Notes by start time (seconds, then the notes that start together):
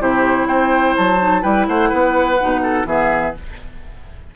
0.00 C3 E4 G4 C5
0.47 C4 C5 G5
0.97 F#3 A5
1.19 D#4
1.42 G3 E4 B4 G5
1.68 A3 C5 F#5
1.90 B3 B4
2.40 B2 D#4
2.63 A4
2.86 E3 B3 G#4 E5